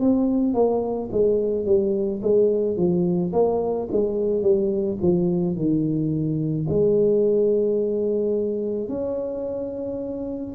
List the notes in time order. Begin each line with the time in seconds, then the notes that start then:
0.00 C4
0.54 A#3
1.12 G#3
1.65 G3
2.22 G#3
2.76 F3
3.32 A#3
3.92 G#3
4.42 G3
5.02 F3
5.56 D#3
6.69 G#3
8.89 C#4